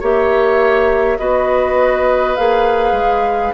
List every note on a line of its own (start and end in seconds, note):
0.00 1.19 A#3
0.00 1.18 G4
0.00 1.18 C#5
0.00 1.18 E5
1.18 2.37 B3
1.18 2.36 F#4
1.18 3.54 B4
1.18 2.36 D#5
2.36 2.92 A#3
2.36 3.54 G#4
2.36 3.54 F5
2.92 3.51 G#3